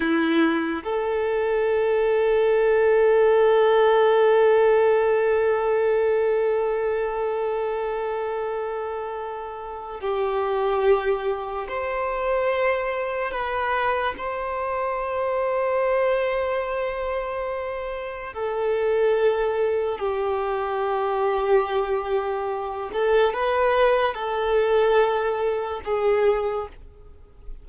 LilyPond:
\new Staff \with { instrumentName = "violin" } { \time 4/4 \tempo 4 = 72 e'4 a'2.~ | a'1~ | a'1 | g'2 c''2 |
b'4 c''2.~ | c''2 a'2 | g'2.~ g'8 a'8 | b'4 a'2 gis'4 | }